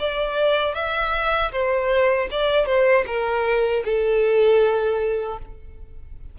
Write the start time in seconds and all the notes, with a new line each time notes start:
0.00 D5
0.75 E5
1.52 C5
2.31 D5
2.66 C5
3.07 A#4
3.85 A4